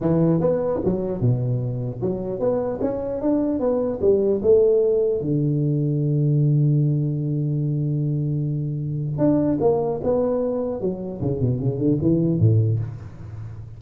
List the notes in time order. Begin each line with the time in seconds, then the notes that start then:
0.01 E3
0.40 B3
0.84 F#3
1.20 B2
2.01 F#3
2.39 B3
2.81 C#4
3.21 D4
3.59 B3
4.01 G3
4.42 A3
5.21 D3
9.17 D4
9.60 A#3
10.03 B3
10.80 F#3
11.21 C#3
11.40 B2
11.59 C#3
11.78 D3
12.01 E3
12.39 A2